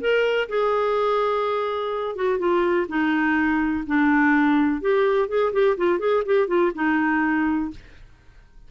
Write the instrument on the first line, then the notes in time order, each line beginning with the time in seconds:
clarinet
0.00 A#4
0.48 G#4
2.15 F#4
2.39 F4
2.88 D#4
3.86 D4
4.81 G4
5.28 G#4
5.52 G4
5.77 F4
5.99 G#4
6.25 G4
6.47 F4
6.74 D#4